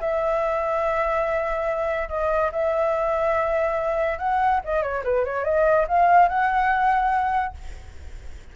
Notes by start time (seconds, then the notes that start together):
0.00 E5
2.09 D#5
2.52 E5
4.19 F#5
4.65 D#5
4.83 C#5
5.04 B4
5.25 C#5
5.45 D#5
5.88 F5
6.29 F#5